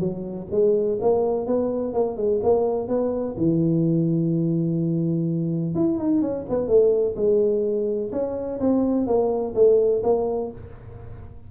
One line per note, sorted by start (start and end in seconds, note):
0.00 0.48 F#3
0.52 0.99 G#3
1.02 1.47 A#3
1.47 1.94 B3
1.94 2.17 A#3
2.17 2.41 G#3
2.43 2.88 A#3
2.88 3.36 B3
3.37 5.75 E3
5.75 5.99 E4
5.99 6.22 D#4
6.22 6.45 C#4
6.50 6.68 B3
6.68 7.15 A3
7.16 8.11 G#3
8.12 8.60 C#4
8.60 9.07 C4
9.07 9.55 A#3
9.55 10.03 A3
10.04 10.51 A#3